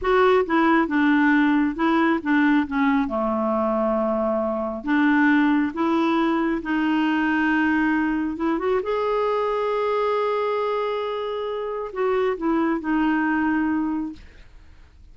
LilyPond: \new Staff \with { instrumentName = "clarinet" } { \time 4/4 \tempo 4 = 136 fis'4 e'4 d'2 | e'4 d'4 cis'4 a4~ | a2. d'4~ | d'4 e'2 dis'4~ |
dis'2. e'8 fis'8 | gis'1~ | gis'2. fis'4 | e'4 dis'2. | }